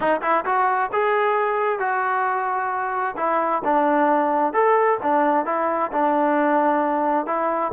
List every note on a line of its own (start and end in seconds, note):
0.00 0.20 D#4
0.21 0.44 E4
0.45 0.90 F#4
0.92 1.79 G#4
1.79 3.15 F#4
3.17 3.62 E4
3.64 4.53 D4
4.53 4.98 A4
5.02 5.45 D4
5.45 5.91 E4
5.92 7.26 D4
7.26 7.71 E4